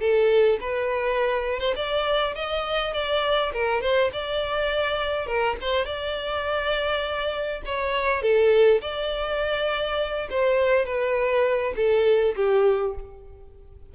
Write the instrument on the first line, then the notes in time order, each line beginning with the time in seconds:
violin
0.00 A4
0.60 B4
1.59 C5
1.75 D5
2.34 D#5
2.93 D5
3.52 A#4
3.81 C5
4.12 D5
5.26 A#4
5.60 C5
5.85 D5
7.65 C#5
8.22 A4
8.81 D5
10.30 C5
10.85 B4
11.76 A4
12.35 G4